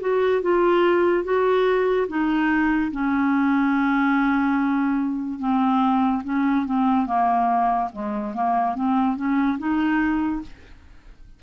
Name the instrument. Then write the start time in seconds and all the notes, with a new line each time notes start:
clarinet
0.00 F#4
0.42 F4
1.24 F#4
2.08 D#4
2.92 C#4
5.39 C4
6.24 C#4
6.66 C4
7.06 A#3
7.92 G#3
8.34 A#3
8.75 C4
9.16 C#4
9.58 D#4